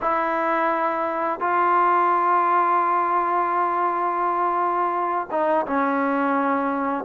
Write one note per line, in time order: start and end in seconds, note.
0.01 1.40 E4
1.40 5.28 F4
5.30 5.66 D#4
5.66 7.04 C#4